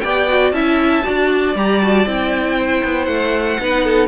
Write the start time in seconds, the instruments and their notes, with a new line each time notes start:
0.00 cello B3, viola G4, violin D5 G5
0.28 viola F#4
0.51 cello C#4, viola E4, violin E5 A5
1.03 cello D4, viola F#4, violin D5
1.56 cello G3, viola G4, violin A#5
1.82 viola F#4, violin A5
2.06 cello C4, viola E4, violin G5
2.58 violin C5
2.84 cello B3
3.05 cello A3, violin F#5
3.59 cello B3, viola D#4, violin B4
3.84 violin A4